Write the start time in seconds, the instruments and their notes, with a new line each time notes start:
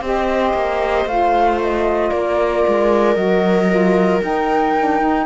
0.00 cello C4, saxophone G4, viola C5, flute D#5
0.53 cello A#3
1.05 cello A3, saxophone F4, flute F5
1.61 flute D#5
2.10 cello A#3, viola A#4, flute D5
2.67 cello G#3
3.15 cello F#3, saxophone F#4, flute D#5
3.68 saxophone F4
4.22 saxophone D#4, cello D#4, flute G5
4.78 saxophone D4
5.00 saxophone D#4